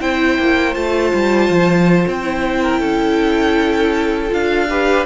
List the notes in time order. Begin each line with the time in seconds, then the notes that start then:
0.00 C4 E4 C5 G5
0.38 A#3
0.74 A3 F4 A5
1.14 G3
1.49 F3
2.07 C4 G5
2.23 E4
2.62 A#4
2.79 C#4 A4
4.29 D4 F4 F5
4.69 G4 B4